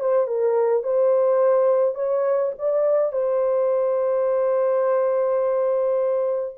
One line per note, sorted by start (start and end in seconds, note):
0.00 0.27 C5
0.27 0.83 A#4
0.83 1.95 C5
1.95 2.52 C#5
2.58 3.12 D5
3.12 6.55 C5